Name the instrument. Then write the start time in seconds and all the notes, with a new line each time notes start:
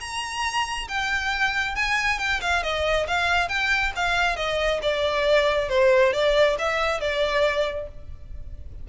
violin
0.00 A#5
0.88 G5
1.75 G#5
2.18 G5
2.41 F5
2.63 D#5
3.07 F5
3.48 G5
3.96 F5
4.36 D#5
4.82 D5
5.69 C5
6.13 D5
6.59 E5
7.00 D5